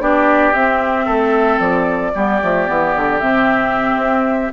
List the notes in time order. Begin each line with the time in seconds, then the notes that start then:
0.00 B3 D4 G4 D5
0.53 C4 E5
1.05 A3 A4
1.59 F3 D5
2.15 G3 B3 G4
2.42 F3 A3
2.66 E3 B3
2.96 D3
3.19 C3 C4 E5
3.97 C4